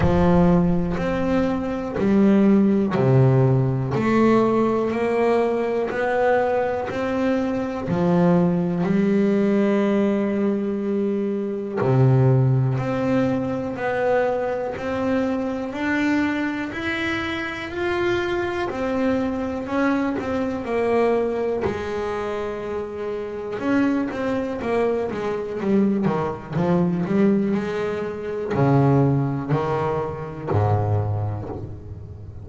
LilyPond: \new Staff \with { instrumentName = "double bass" } { \time 4/4 \tempo 4 = 61 f4 c'4 g4 c4 | a4 ais4 b4 c'4 | f4 g2. | c4 c'4 b4 c'4 |
d'4 e'4 f'4 c'4 | cis'8 c'8 ais4 gis2 | cis'8 c'8 ais8 gis8 g8 dis8 f8 g8 | gis4 cis4 dis4 gis,4 | }